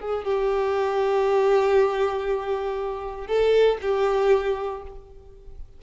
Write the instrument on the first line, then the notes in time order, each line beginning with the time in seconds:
violin
0.00 G#4
0.25 G4
3.27 A4
3.82 G4